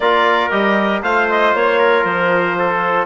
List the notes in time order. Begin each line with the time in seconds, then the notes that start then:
0.00 A#3 F4 A#4 D5
0.50 G3 G4 D#5
1.02 A3 F4 C5 F5
1.29 D#5
1.53 A#3 C#5
1.79 A#4
2.04 F3 C5
2.59 A4